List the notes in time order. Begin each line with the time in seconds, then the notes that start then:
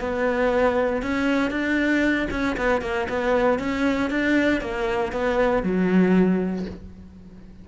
0.00 B3
1.02 C#4
1.51 D4
2.30 C#4
2.57 B3
2.81 A#3
3.09 B3
3.59 C#4
4.10 D4
4.61 A#3
5.12 B3
5.63 F#3